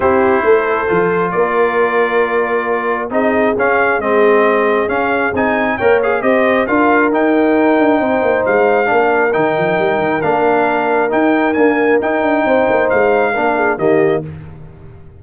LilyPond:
<<
  \new Staff \with { instrumentName = "trumpet" } { \time 4/4 \tempo 4 = 135 c''2. d''4~ | d''2. dis''4 | f''4 dis''2 f''4 | gis''4 g''8 f''8 dis''4 f''4 |
g''2. f''4~ | f''4 g''2 f''4~ | f''4 g''4 gis''4 g''4~ | g''4 f''2 dis''4 | }
  \new Staff \with { instrumentName = "horn" } { \time 4/4 g'4 a'2 ais'4~ | ais'2. gis'4~ | gis'1~ | gis'4 cis''4 c''4 ais'4~ |
ais'2 c''2 | ais'1~ | ais'1 | c''2 ais'8 gis'8 g'4 | }
  \new Staff \with { instrumentName = "trombone" } { \time 4/4 e'2 f'2~ | f'2. dis'4 | cis'4 c'2 cis'4 | dis'4 ais'8 gis'8 g'4 f'4 |
dis'1 | d'4 dis'2 d'4~ | d'4 dis'4 ais4 dis'4~ | dis'2 d'4 ais4 | }
  \new Staff \with { instrumentName = "tuba" } { \time 4/4 c'4 a4 f4 ais4~ | ais2. c'4 | cis'4 gis2 cis'4 | c'4 ais4 c'4 d'4 |
dis'4. d'8 c'8 ais8 gis4 | ais4 dis8 f8 g8 dis8 ais4~ | ais4 dis'4 d'4 dis'8 d'8 | c'8 ais8 gis4 ais4 dis4 | }
>>